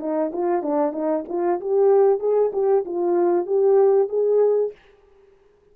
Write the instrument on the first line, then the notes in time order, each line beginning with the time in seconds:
horn
0.00 D#4
0.33 F4
0.63 D4
0.93 D#4
1.29 F4
1.61 G4
2.20 G#4
2.53 G4
2.86 F4
3.47 G4
4.09 G#4